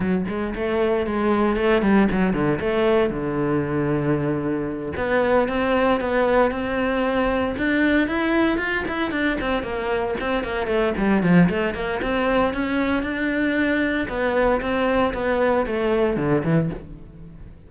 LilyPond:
\new Staff \with { instrumentName = "cello" } { \time 4/4 \tempo 4 = 115 fis8 gis8 a4 gis4 a8 g8 | fis8 d8 a4 d2~ | d4. b4 c'4 b8~ | b8 c'2 d'4 e'8~ |
e'8 f'8 e'8 d'8 c'8 ais4 c'8 | ais8 a8 g8 f8 a8 ais8 c'4 | cis'4 d'2 b4 | c'4 b4 a4 d8 e8 | }